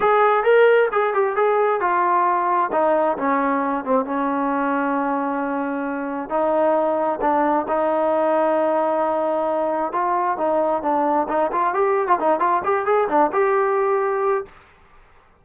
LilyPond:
\new Staff \with { instrumentName = "trombone" } { \time 4/4 \tempo 4 = 133 gis'4 ais'4 gis'8 g'8 gis'4 | f'2 dis'4 cis'4~ | cis'8 c'8 cis'2.~ | cis'2 dis'2 |
d'4 dis'2.~ | dis'2 f'4 dis'4 | d'4 dis'8 f'8 g'8. f'16 dis'8 f'8 | g'8 gis'8 d'8 g'2~ g'8 | }